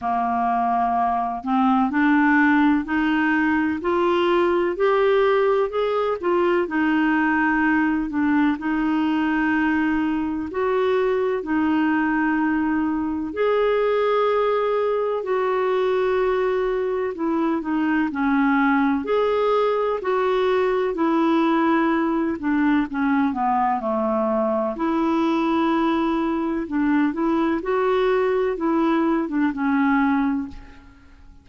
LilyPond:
\new Staff \with { instrumentName = "clarinet" } { \time 4/4 \tempo 4 = 63 ais4. c'8 d'4 dis'4 | f'4 g'4 gis'8 f'8 dis'4~ | dis'8 d'8 dis'2 fis'4 | dis'2 gis'2 |
fis'2 e'8 dis'8 cis'4 | gis'4 fis'4 e'4. d'8 | cis'8 b8 a4 e'2 | d'8 e'8 fis'4 e'8. d'16 cis'4 | }